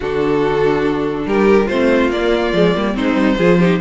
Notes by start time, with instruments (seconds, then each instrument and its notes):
0.00 cello D3, viola D4, violin F#4 A4
1.26 cello G3, violin G4 A#4
1.66 cello A3, viola C4, violin F4 C5
2.10 cello A#3, viola A#3, violin D5
2.52 cello F3, viola G#3
2.76 cello G3, viola A#3
2.94 cello G#3, viola C4, violin D#4 C5
3.14 cello G3
3.37 cello F3, viola F4, violin G#4
3.58 viola D#4, violin G4